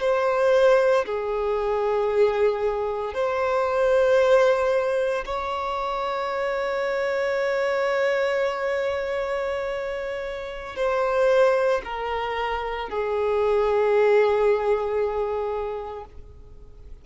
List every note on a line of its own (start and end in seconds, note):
0.00 1.05 C5
1.06 3.14 G#4
3.14 5.24 C5
5.25 10.76 C#5
10.76 11.81 C5
11.84 12.89 A#4
12.89 16.05 G#4